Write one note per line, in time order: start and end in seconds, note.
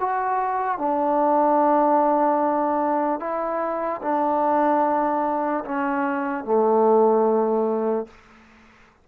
0.00 0.79 F#4
0.79 3.20 D4
3.20 4.01 E4
4.02 5.65 D4
5.65 6.45 C#4
6.45 8.07 A3